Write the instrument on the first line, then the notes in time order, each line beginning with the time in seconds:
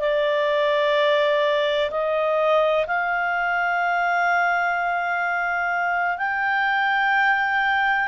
clarinet
0.00 D5
1.91 D#5
2.87 F5
6.18 G5